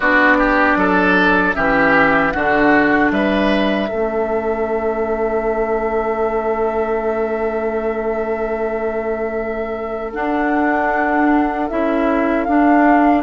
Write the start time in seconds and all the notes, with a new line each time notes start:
0.00 B3 D4 F#4 D5
0.38 G4
0.76 F#3 A4
1.53 E3 C#4 G4 E5
2.31 D3 D4 F#4 F#5
3.11 G3 B4 E5
3.88 A3 C#4 A4
10.12 D4 F#5
11.69 C#4 E4 E5
12.44 D4 F5